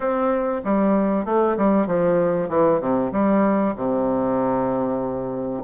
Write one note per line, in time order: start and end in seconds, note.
0.00 0.61 C4
0.64 1.25 G3
1.25 1.56 A3
1.57 1.86 G3
1.86 2.49 F3
2.49 2.80 E3
2.80 3.11 C3
3.12 3.74 G3
3.76 5.63 C3